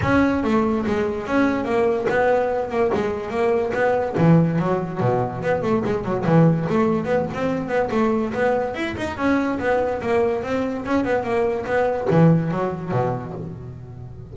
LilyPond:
\new Staff \with { instrumentName = "double bass" } { \time 4/4 \tempo 4 = 144 cis'4 a4 gis4 cis'4 | ais4 b4. ais8 gis4 | ais4 b4 e4 fis4 | b,4 b8 a8 gis8 fis8 e4 |
a4 b8 c'4 b8 a4 | b4 e'8 dis'8 cis'4 b4 | ais4 c'4 cis'8 b8 ais4 | b4 e4 fis4 b,4 | }